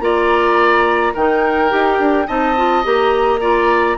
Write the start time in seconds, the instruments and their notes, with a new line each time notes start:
0.00 bassoon A#3, clarinet F4, oboe D5, flute A#5
1.14 bassoon D#3, clarinet D#4, oboe A#4, flute G5
1.69 bassoon D#4, clarinet G4
1.99 bassoon D4
2.27 bassoon C4, clarinet D#4, oboe D#5, flute A5
2.56 clarinet F4
2.83 bassoon A#3, clarinet G4, flute A#5
3.40 clarinet F4, oboe D5